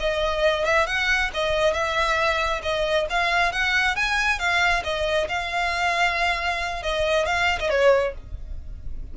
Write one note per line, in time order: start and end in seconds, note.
0.00 0.65 D#5
0.65 0.87 E5
0.87 1.31 F#5
1.34 1.73 D#5
1.73 2.62 E5
2.63 3.07 D#5
3.10 3.53 F5
3.53 3.96 F#5
3.96 4.39 G#5
4.39 4.83 F5
4.84 5.28 D#5
5.29 6.83 F5
6.83 7.26 D#5
7.26 7.59 F5
7.60 7.70 D#5
7.70 8.14 C#5